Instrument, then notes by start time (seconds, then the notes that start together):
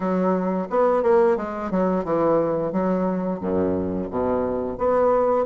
bassoon
0.00 F#3
0.69 B3
1.02 A#3
1.36 G#3
1.70 F#3
2.04 E3
2.72 F#3
3.40 F#2
4.10 B2
4.78 B3